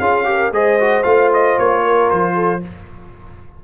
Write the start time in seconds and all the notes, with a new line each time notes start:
0.00 C#4 F4 G#4 F5
0.25 G4 A#4
0.52 G#3 G#4 C5 D#5
0.80 F#4
1.04 A3 F4 F5
1.34 D#5
1.59 A#3 C#5
1.84 A#4
2.11 F3 C5
2.35 A4